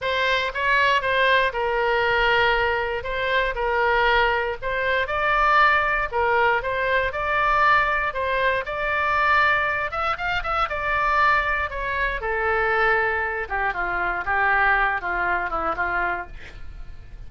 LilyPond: \new Staff \with { instrumentName = "oboe" } { \time 4/4 \tempo 4 = 118 c''4 cis''4 c''4 ais'4~ | ais'2 c''4 ais'4~ | ais'4 c''4 d''2 | ais'4 c''4 d''2 |
c''4 d''2~ d''8 e''8 | f''8 e''8 d''2 cis''4 | a'2~ a'8 g'8 f'4 | g'4. f'4 e'8 f'4 | }